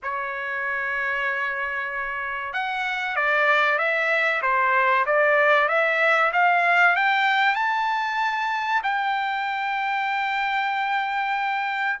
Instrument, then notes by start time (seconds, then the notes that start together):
trumpet
0.02 C#5
2.53 F#5
3.16 D5
3.78 E5
4.42 C5
5.06 D5
5.68 E5
6.32 F5
6.96 G5
7.55 A5
8.83 G5